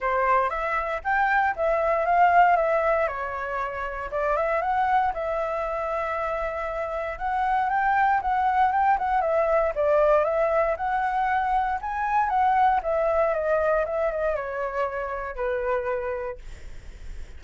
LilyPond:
\new Staff \with { instrumentName = "flute" } { \time 4/4 \tempo 4 = 117 c''4 e''4 g''4 e''4 | f''4 e''4 cis''2 | d''8 e''8 fis''4 e''2~ | e''2 fis''4 g''4 |
fis''4 g''8 fis''8 e''4 d''4 | e''4 fis''2 gis''4 | fis''4 e''4 dis''4 e''8 dis''8 | cis''2 b'2 | }